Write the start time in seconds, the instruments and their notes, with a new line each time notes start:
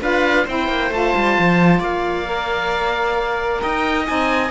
0.00 cello D4, saxophone F4, viola B4, oboe F5
0.44 cello C4, saxophone E4, viola C5, oboe G5
0.68 cello A#3
0.91 cello A3, saxophone F4, oboe A5
1.15 cello G3
1.39 cello F3
1.79 cello A#3, viola D5, oboe F5
2.24 saxophone A#4
3.62 cello D#4, viola D#5, oboe G5
4.05 cello C4, saxophone D#4, oboe G#5